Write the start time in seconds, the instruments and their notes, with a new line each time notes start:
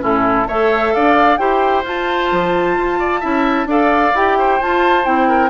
0.00 bassoon A2, clarinet C#4, oboe E4, flute A4
0.48 bassoon A3, clarinet A4, oboe C#5, flute E5
0.94 bassoon D4, oboe D5, flute F5
1.37 bassoon E4, clarinet G4, oboe C5, flute G5
1.84 bassoon F4, clarinet F4, flute A5
2.32 bassoon F3
2.78 bassoon F4
2.99 oboe D5
3.20 bassoon C#4, clarinet E4, oboe E5
3.65 bassoon D4, clarinet A4, oboe D5, flute F5
4.14 bassoon E4, clarinet G4, flute G5
4.38 oboe C5
4.61 clarinet F4, bassoon F4, flute A5
5.04 bassoon C4, clarinet E4, flute G5
5.28 oboe A#4